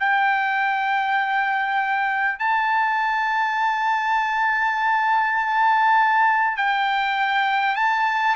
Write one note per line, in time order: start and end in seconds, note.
0.00 2.39 G5
2.39 6.57 A5
6.57 7.76 G5
7.76 8.36 A5